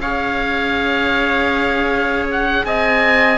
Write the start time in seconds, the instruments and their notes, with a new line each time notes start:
0.00 cello C#4, viola G#4, trumpet C#5, oboe F5
2.31 oboe F#5
2.65 cello C4, trumpet D#5, oboe G#5